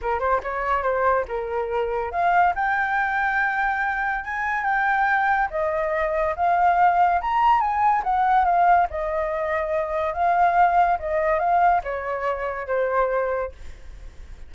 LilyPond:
\new Staff \with { instrumentName = "flute" } { \time 4/4 \tempo 4 = 142 ais'8 c''8 cis''4 c''4 ais'4~ | ais'4 f''4 g''2~ | g''2 gis''4 g''4~ | g''4 dis''2 f''4~ |
f''4 ais''4 gis''4 fis''4 | f''4 dis''2. | f''2 dis''4 f''4 | cis''2 c''2 | }